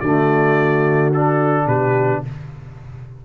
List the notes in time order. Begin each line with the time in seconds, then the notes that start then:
0.00 D3 A3 F#4 D5
1.14 D4 A4
1.66 B2 G4 B4